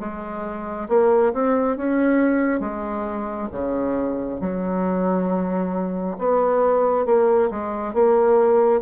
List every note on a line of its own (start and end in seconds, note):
0.00 0.88 G#3
0.89 1.33 A#3
1.34 1.77 C4
1.77 2.60 C#4
2.60 3.49 G#3
3.53 4.41 C#3
4.41 6.17 F#3
6.19 7.06 B3
7.06 7.50 A#3
7.51 7.94 G#3
7.94 8.82 A#3